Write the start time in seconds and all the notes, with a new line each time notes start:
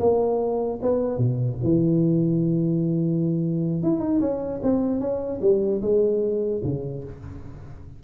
0.00 A#3
0.82 B3
1.18 B2
1.64 E3
3.83 E4
4.00 D#4
4.21 C#4
4.63 C4
5.01 C#4
5.42 G3
5.82 G#3
6.64 C#3